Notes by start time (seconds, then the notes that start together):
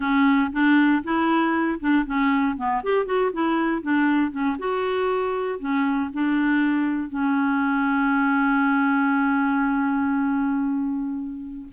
0.00 C#4
0.52 D4
1.03 E4
1.80 D4
2.05 C#4
2.56 B3
2.83 G4
3.05 F#4
3.32 E4
3.82 D4
4.31 C#4
4.58 F#4
5.59 C#4
6.13 D4
7.09 C#4